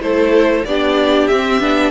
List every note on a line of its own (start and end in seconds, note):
0.00 0.65 A3
0.00 0.65 E4
0.00 0.67 A4
0.00 0.65 C5
0.65 1.29 B3
0.65 1.31 D4
0.65 1.91 G4
0.65 1.27 D5
1.27 1.60 C4
1.27 1.91 E5
1.60 1.91 B3
1.60 1.91 D4